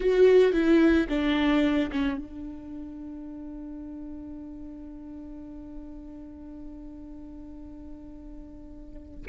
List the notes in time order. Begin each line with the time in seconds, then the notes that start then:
0.00 F#4
0.52 E4
1.09 D4
1.91 C#4
2.17 D4